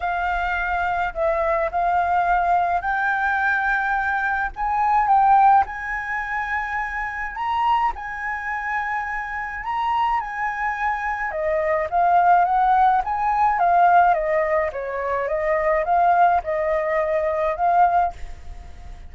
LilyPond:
\new Staff \with { instrumentName = "flute" } { \time 4/4 \tempo 4 = 106 f''2 e''4 f''4~ | f''4 g''2. | gis''4 g''4 gis''2~ | gis''4 ais''4 gis''2~ |
gis''4 ais''4 gis''2 | dis''4 f''4 fis''4 gis''4 | f''4 dis''4 cis''4 dis''4 | f''4 dis''2 f''4 | }